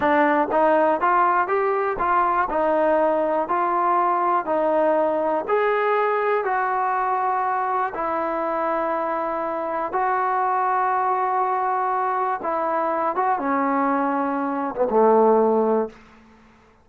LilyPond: \new Staff \with { instrumentName = "trombone" } { \time 4/4 \tempo 4 = 121 d'4 dis'4 f'4 g'4 | f'4 dis'2 f'4~ | f'4 dis'2 gis'4~ | gis'4 fis'2. |
e'1 | fis'1~ | fis'4 e'4. fis'8 cis'4~ | cis'4.~ cis'16 b16 a2 | }